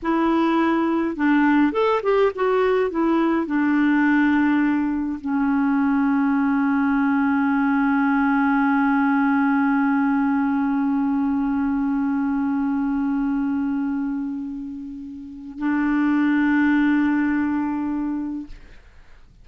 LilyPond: \new Staff \with { instrumentName = "clarinet" } { \time 4/4 \tempo 4 = 104 e'2 d'4 a'8 g'8 | fis'4 e'4 d'2~ | d'4 cis'2.~ | cis'1~ |
cis'1~ | cis'1~ | cis'2. d'4~ | d'1 | }